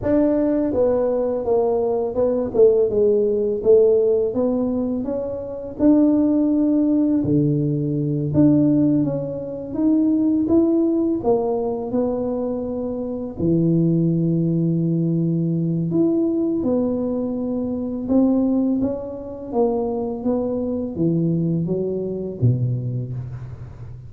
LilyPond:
\new Staff \with { instrumentName = "tuba" } { \time 4/4 \tempo 4 = 83 d'4 b4 ais4 b8 a8 | gis4 a4 b4 cis'4 | d'2 d4. d'8~ | d'8 cis'4 dis'4 e'4 ais8~ |
ais8 b2 e4.~ | e2 e'4 b4~ | b4 c'4 cis'4 ais4 | b4 e4 fis4 b,4 | }